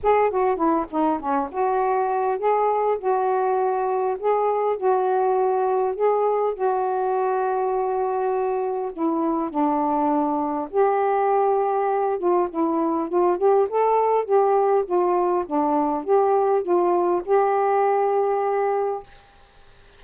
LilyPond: \new Staff \with { instrumentName = "saxophone" } { \time 4/4 \tempo 4 = 101 gis'8 fis'8 e'8 dis'8 cis'8 fis'4. | gis'4 fis'2 gis'4 | fis'2 gis'4 fis'4~ | fis'2. e'4 |
d'2 g'2~ | g'8 f'8 e'4 f'8 g'8 a'4 | g'4 f'4 d'4 g'4 | f'4 g'2. | }